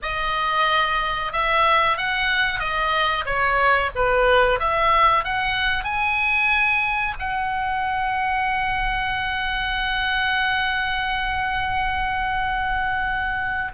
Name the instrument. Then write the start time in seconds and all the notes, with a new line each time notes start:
oboe
0.02 D#5
1.32 E5
1.97 F#5
2.59 D#5
3.25 C#5
3.95 B4
4.59 E5
5.24 F#5
5.84 G#5
7.19 F#5